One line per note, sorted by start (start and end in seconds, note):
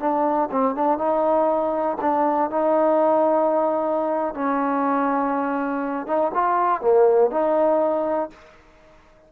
0.00 0.50 D4
0.52 0.76 C4
0.76 0.99 D4
0.99 1.98 D#4
2.02 2.51 D4
2.51 4.35 D#4
4.35 6.07 C#4
6.07 6.32 D#4
6.35 6.82 F4
6.82 7.31 A#3
7.31 8.31 D#4